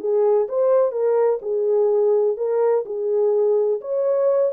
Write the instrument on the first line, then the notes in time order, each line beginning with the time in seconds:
horn
0.00 G#4
0.49 C5
0.92 A#4
1.42 G#4
2.37 A#4
2.86 G#4
3.81 C#5